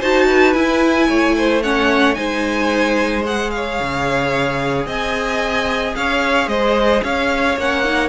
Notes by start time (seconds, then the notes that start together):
0.00 D#4 F#4 C5 A5
0.27 B4
0.54 E4 G#5
1.09 A3 C#5
1.38 C5
1.63 C#4 C#5 F#5
2.15 G#3 D#4 C5 G#5
3.26 G#4 F#5
3.51 C#5 F5
3.80 C#3
4.87 C4 D#5 G#5
5.96 C#4 C#5 F5
6.48 G#3 C5 D#5
7.04 C#4 C#5 F5
7.57 A#3 C#4 F#5
7.85 D#4